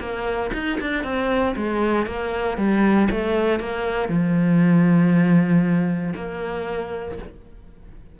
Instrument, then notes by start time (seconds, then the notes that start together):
cello
0.00 A#3
0.54 D#4
0.81 D4
1.04 C4
1.56 G#3
2.07 A#3
2.58 G3
3.11 A3
3.60 A#3
4.09 F3
6.16 A#3